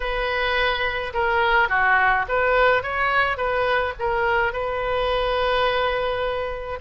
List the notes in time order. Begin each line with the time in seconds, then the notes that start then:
0.00 B4
1.13 A#4
1.69 F#4
2.28 B4
2.83 C#5
3.37 B4
3.99 A#4
4.53 B4